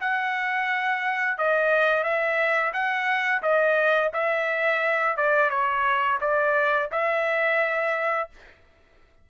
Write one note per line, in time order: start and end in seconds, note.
0.00 1.38 F#5
1.38 2.03 D#5
2.03 2.72 E5
2.73 3.42 F#5
3.42 4.11 D#5
4.13 5.17 E5
5.17 5.50 D5
5.50 6.18 C#5
6.20 6.89 D5
6.91 8.29 E5